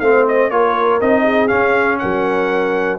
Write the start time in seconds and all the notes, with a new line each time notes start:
0.00 A3 C4 C5 F5
0.28 D#5
0.50 A#3 F4 A#4 C#5
1.01 C4 D#4 D#5
1.22 G#4
1.48 C#4 F5
1.99 F#3 A#4 F#5